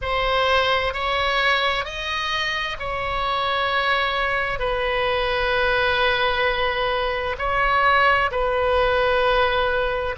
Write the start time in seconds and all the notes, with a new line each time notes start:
0.01 C5
0.93 C#5
1.84 D#5
2.79 C#5
4.59 B4
7.38 C#5
8.31 B4